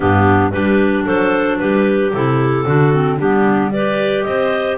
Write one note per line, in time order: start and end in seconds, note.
0.00 0.52 G2
0.00 0.52 B3
0.00 0.52 D4
0.00 0.51 G4
0.51 1.06 G3
0.51 2.11 D4
0.51 1.04 G4
0.51 1.04 B4
1.04 1.60 F#3
1.04 1.57 A4
1.04 1.58 C5
1.58 2.13 G3
1.58 2.66 G4
1.58 2.11 B4
2.13 2.65 C3
2.13 2.66 E4
2.13 3.19 A4
2.65 3.18 D3
2.65 2.92 D4
2.65 3.17 F#4
2.92 3.19 C4
3.17 4.24 G3
3.17 3.73 B3
3.17 3.70 D4
3.17 3.71 G4
3.71 4.78 G4
3.71 4.26 B4
3.71 4.23 D5
4.23 4.78 C4
4.23 4.78 C5
4.23 4.76 D#5